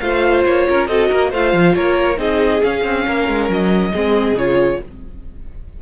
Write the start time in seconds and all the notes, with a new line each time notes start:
0.00 A3 F4 C5 F5
0.46 A#3 C#5
0.68 C#4 A#4
0.87 C4 F#4 A4 D#5
1.09 A#3 A#4
1.30 A3 F4 C5 F5
1.53 F3
1.75 A#3 A#4 C#5
2.17 C4 D#4 G#4 D#5
2.63 C#4 F5
2.85 C4
3.06 A#3 A#4
3.28 G#3
3.49 F#3 D#5
3.91 G#3 C4 G#4
4.32 C#3 F4 C#5